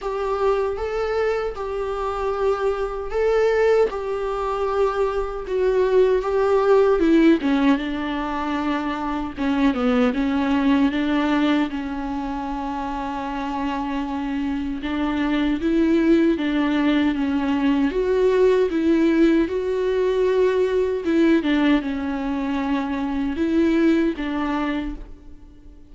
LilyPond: \new Staff \with { instrumentName = "viola" } { \time 4/4 \tempo 4 = 77 g'4 a'4 g'2 | a'4 g'2 fis'4 | g'4 e'8 cis'8 d'2 | cis'8 b8 cis'4 d'4 cis'4~ |
cis'2. d'4 | e'4 d'4 cis'4 fis'4 | e'4 fis'2 e'8 d'8 | cis'2 e'4 d'4 | }